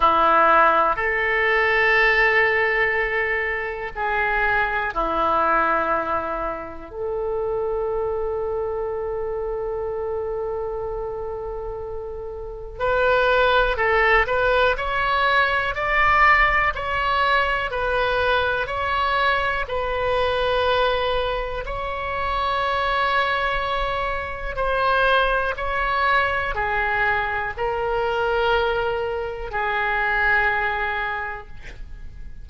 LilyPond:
\new Staff \with { instrumentName = "oboe" } { \time 4/4 \tempo 4 = 61 e'4 a'2. | gis'4 e'2 a'4~ | a'1~ | a'4 b'4 a'8 b'8 cis''4 |
d''4 cis''4 b'4 cis''4 | b'2 cis''2~ | cis''4 c''4 cis''4 gis'4 | ais'2 gis'2 | }